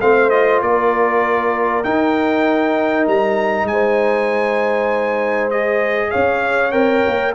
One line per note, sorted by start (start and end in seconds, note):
0.00 0.61 A3
0.00 0.30 C4
0.00 0.62 C5
0.00 0.29 F5
0.29 1.83 F4
0.29 0.60 D#5
0.61 1.84 A#3
0.61 3.69 A#4
0.61 1.83 D5
1.83 3.06 D#4
1.83 5.51 D#4
1.83 3.06 G5
3.06 3.63 G3
3.06 3.67 A#5
3.63 6.08 G#3
3.63 5.50 G#5
3.71 6.10 C5
5.50 6.71 G#4
5.50 6.10 D#5
6.10 6.73 C#4
6.10 7.33 C#5
6.10 6.71 F5
6.71 7.03 C4
6.71 7.32 A#4
6.71 7.33 G5
7.07 7.35 A#3